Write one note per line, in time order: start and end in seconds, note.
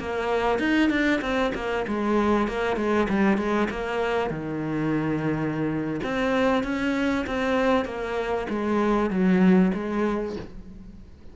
0.00 0.59 A#3
0.59 0.90 D#4
0.90 1.21 D4
1.21 1.52 C4
1.55 1.86 A#3
1.87 2.48 G#3
2.48 2.76 A#3
2.76 3.07 G#3
3.09 3.37 G3
3.37 3.68 G#3
3.70 4.30 A#3
4.30 6.00 D#3
6.03 6.63 C4
6.63 7.25 C#4
7.27 7.85 C4
7.85 8.47 A#3
8.49 9.10 G#3
9.10 9.72 F#3
9.74 10.36 G#3